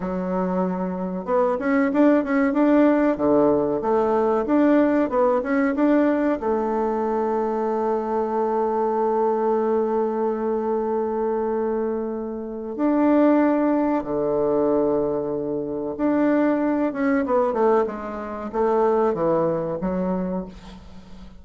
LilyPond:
\new Staff \with { instrumentName = "bassoon" } { \time 4/4 \tempo 4 = 94 fis2 b8 cis'8 d'8 cis'8 | d'4 d4 a4 d'4 | b8 cis'8 d'4 a2~ | a1~ |
a1 | d'2 d2~ | d4 d'4. cis'8 b8 a8 | gis4 a4 e4 fis4 | }